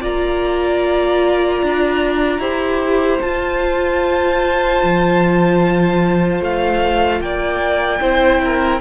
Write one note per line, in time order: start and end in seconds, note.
0.00 1.62 A#3
0.00 2.40 F4
0.00 2.40 D5
0.00 3.21 A#5
1.62 2.39 D4
2.39 3.19 E4
2.39 3.20 G4
2.39 7.20 C5
3.21 8.01 F4
3.21 4.82 F4
3.21 6.41 A5
4.83 6.40 F3
6.40 7.20 A3
6.40 7.21 F5
7.20 8.00 A#3
7.20 8.00 D5
7.20 8.80 G5
8.00 8.80 C4
8.00 8.80 E4
8.00 8.40 C5
8.44 8.80 A#4